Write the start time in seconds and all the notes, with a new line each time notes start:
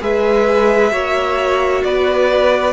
0.00 G#3 G#4 B4 E5
0.91 A#3 F#4 C#5
1.83 B3 B4 D5